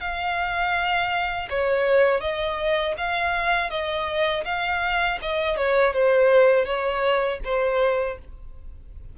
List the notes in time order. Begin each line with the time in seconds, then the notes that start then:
0.00 F5
1.49 C#5
2.21 D#5
2.97 F5
3.70 D#5
4.44 F5
5.22 D#5
5.56 C#5
5.93 C5
6.65 C#5
7.44 C5